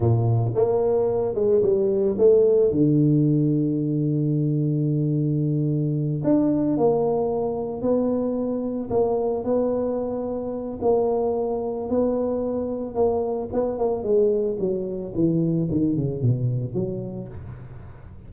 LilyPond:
\new Staff \with { instrumentName = "tuba" } { \time 4/4 \tempo 4 = 111 ais,4 ais4. gis8 g4 | a4 d2.~ | d2.~ d8 d'8~ | d'8 ais2 b4.~ |
b8 ais4 b2~ b8 | ais2 b2 | ais4 b8 ais8 gis4 fis4 | e4 dis8 cis8 b,4 fis4 | }